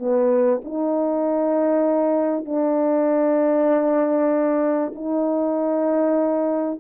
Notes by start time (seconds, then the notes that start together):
0.00 B3
0.65 D#4
2.46 D4
4.95 D#4